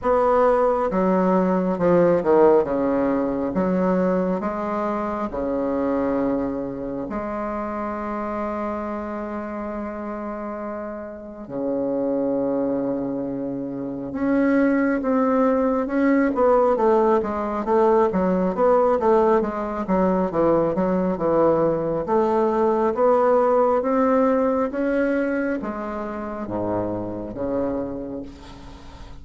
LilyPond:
\new Staff \with { instrumentName = "bassoon" } { \time 4/4 \tempo 4 = 68 b4 fis4 f8 dis8 cis4 | fis4 gis4 cis2 | gis1~ | gis4 cis2. |
cis'4 c'4 cis'8 b8 a8 gis8 | a8 fis8 b8 a8 gis8 fis8 e8 fis8 | e4 a4 b4 c'4 | cis'4 gis4 gis,4 cis4 | }